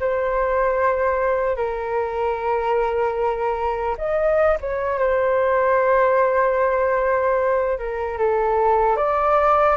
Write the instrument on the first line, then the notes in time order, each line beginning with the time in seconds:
flute
0.00 C5
1.56 A#4
3.97 D#5
4.60 C#5
4.99 C5
7.78 A#4
8.18 A4
8.96 D5